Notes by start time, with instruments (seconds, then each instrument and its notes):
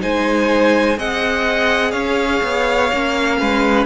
0.00 cello G#3, viola D#4, violin C5 G#5
0.98 cello C4, viola G#4, violin D#5 F#5
1.92 cello C#4, violin C#5 F5
2.44 cello B3
2.93 cello A#3, viola C#4
3.40 cello G#3, violin B4